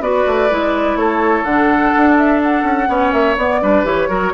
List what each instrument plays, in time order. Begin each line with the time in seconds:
0.00 bassoon B3, clarinet F#4, oboe B4, flute D5
0.27 bassoon A3
0.50 bassoon G#3, clarinet E4
0.96 bassoon A3, oboe A4, flute C#5
1.44 bassoon D3, clarinet D4, flute F#5
1.97 bassoon D4
2.18 flute E5
2.43 flute F#5
2.63 bassoon C#4
2.88 bassoon B3, clarinet C#4, oboe C#5
3.12 bassoon A#3, flute E5
3.37 bassoon B3, clarinet B3, flute D5
3.62 bassoon G3, clarinet D4, oboe B4
3.84 bassoon E3, clarinet G4, flute C#5
4.08 bassoon F#3, clarinet F#4, oboe A#4